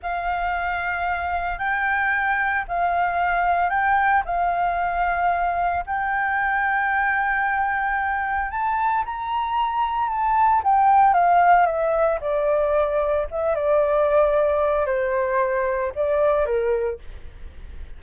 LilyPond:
\new Staff \with { instrumentName = "flute" } { \time 4/4 \tempo 4 = 113 f''2. g''4~ | g''4 f''2 g''4 | f''2. g''4~ | g''1 |
a''4 ais''2 a''4 | g''4 f''4 e''4 d''4~ | d''4 e''8 d''2~ d''8 | c''2 d''4 ais'4 | }